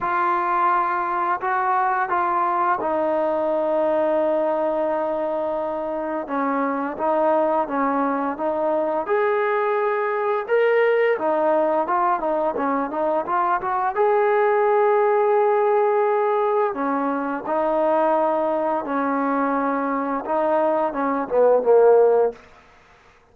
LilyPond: \new Staff \with { instrumentName = "trombone" } { \time 4/4 \tempo 4 = 86 f'2 fis'4 f'4 | dis'1~ | dis'4 cis'4 dis'4 cis'4 | dis'4 gis'2 ais'4 |
dis'4 f'8 dis'8 cis'8 dis'8 f'8 fis'8 | gis'1 | cis'4 dis'2 cis'4~ | cis'4 dis'4 cis'8 b8 ais4 | }